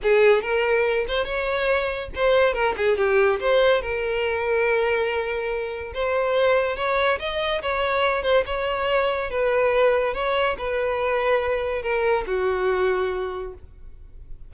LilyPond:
\new Staff \with { instrumentName = "violin" } { \time 4/4 \tempo 4 = 142 gis'4 ais'4. c''8 cis''4~ | cis''4 c''4 ais'8 gis'8 g'4 | c''4 ais'2.~ | ais'2 c''2 |
cis''4 dis''4 cis''4. c''8 | cis''2 b'2 | cis''4 b'2. | ais'4 fis'2. | }